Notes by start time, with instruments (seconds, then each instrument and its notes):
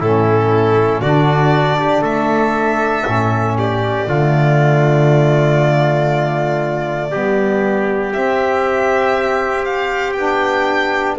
0.00 double bass A2, saxophone C#4, trumpet E4, violin A4
1.01 double bass D3, saxophone D4, trumpet F#4, violin D5
1.80 trumpet G4
2.02 double bass A3, trumpet A4, violin E5
3.04 double bass A2, saxophone C#4
3.59 trumpet G4, violin D5
4.08 double bass D3, saxophone A3, trumpet F4
7.12 double bass G3, saxophone B3, trumpet G4
8.13 saxophone C4, double bass C4, violin E5
9.65 violin F5
10.13 double bass B3, saxophone D4, violin G5